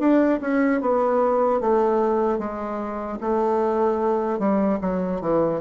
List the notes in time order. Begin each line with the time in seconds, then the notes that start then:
0.00 D4
0.41 C#4
0.81 B3
1.61 A3
2.39 G#3
3.21 A3
4.39 G3
4.81 F#3
5.21 E3